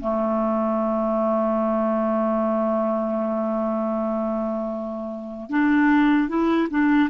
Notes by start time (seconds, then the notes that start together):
0.00 A3
5.49 D4
6.28 E4
6.70 D4